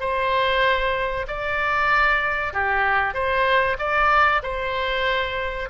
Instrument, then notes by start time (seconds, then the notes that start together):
oboe
0.00 C5
1.27 D5
2.53 G4
3.14 C5
3.79 D5
4.43 C5